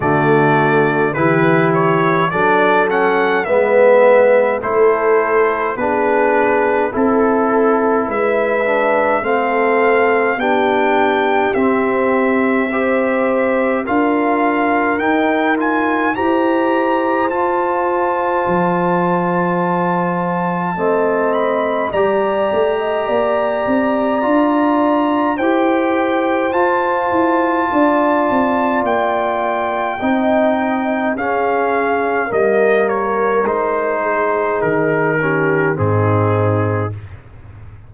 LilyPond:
<<
  \new Staff \with { instrumentName = "trumpet" } { \time 4/4 \tempo 4 = 52 d''4 b'8 cis''8 d''8 fis''8 e''4 | c''4 b'4 a'4 e''4 | f''4 g''4 e''2 | f''4 g''8 gis''8 ais''4 a''4~ |
a''2~ a''8 b''8 ais''4~ | ais''2 g''4 a''4~ | a''4 g''2 f''4 | dis''8 cis''8 c''4 ais'4 gis'4 | }
  \new Staff \with { instrumentName = "horn" } { \time 4/4 fis'4 g'4 a'4 b'4 | a'4 gis'4 a'4 b'4 | a'4 g'2 c''4 | ais'2 c''2~ |
c''2 dis''4 d''8. dis''16 | d''2 c''2 | d''2 dis''4 gis'4 | ais'4. gis'4 g'8 dis'4 | }
  \new Staff \with { instrumentName = "trombone" } { \time 4/4 a4 e'4 d'8 cis'8 b4 | e'4 d'4 e'4. d'8 | c'4 d'4 c'4 g'4 | f'4 dis'8 f'8 g'4 f'4~ |
f'2 c'4 g'4~ | g'4 f'4 g'4 f'4~ | f'2 dis'4 cis'4 | ais4 dis'4. cis'8 c'4 | }
  \new Staff \with { instrumentName = "tuba" } { \time 4/4 d4 e4 fis4 gis4 | a4 b4 c'4 gis4 | a4 b4 c'2 | d'4 dis'4 e'4 f'4 |
f2 a4 g8 a8 | ais8 c'8 d'4 e'4 f'8 e'8 | d'8 c'8 ais4 c'4 cis'4 | g4 gis4 dis4 gis,4 | }
>>